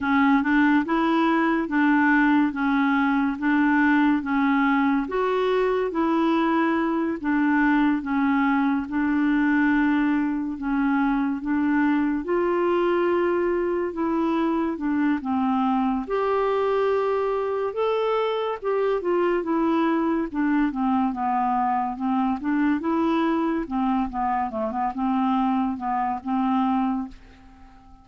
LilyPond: \new Staff \with { instrumentName = "clarinet" } { \time 4/4 \tempo 4 = 71 cis'8 d'8 e'4 d'4 cis'4 | d'4 cis'4 fis'4 e'4~ | e'8 d'4 cis'4 d'4.~ | d'8 cis'4 d'4 f'4.~ |
f'8 e'4 d'8 c'4 g'4~ | g'4 a'4 g'8 f'8 e'4 | d'8 c'8 b4 c'8 d'8 e'4 | c'8 b8 a16 b16 c'4 b8 c'4 | }